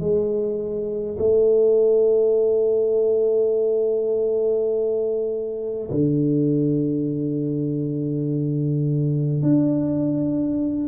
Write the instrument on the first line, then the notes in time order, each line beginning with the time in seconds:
tuba
0.00 G#3
1.19 A3
5.90 D3
9.42 D4